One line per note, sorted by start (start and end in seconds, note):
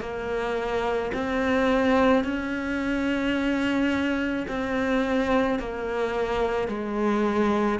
0.00 1.11 A#3
1.14 2.24 C4
2.24 4.46 C#4
4.47 5.59 C4
5.59 6.68 A#3
6.68 7.79 G#3